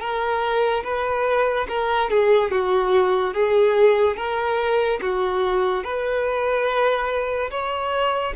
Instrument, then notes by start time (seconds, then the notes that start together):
violin
0.00 A#4
0.84 B4
1.69 A#4
2.10 G#4
2.51 F#4
3.34 G#4
4.17 A#4
5.01 F#4
5.84 B4
7.51 C#5